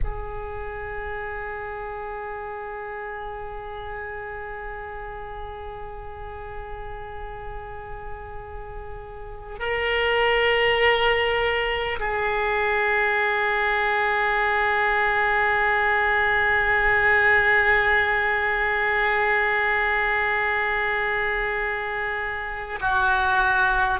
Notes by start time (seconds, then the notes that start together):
0.03 G#4
9.59 A#4
11.99 G#4
22.81 F#4